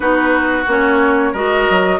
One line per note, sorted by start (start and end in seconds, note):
0.00 0.65 B3
0.00 0.63 D#4
0.00 1.32 F#4
0.00 0.66 B4
0.67 1.33 A#3
0.67 1.34 C#4
0.67 1.34 C#5
1.32 1.67 G#3
1.32 2.00 F#4
1.32 1.99 A#4
1.32 2.00 D#5
1.69 2.00 F#3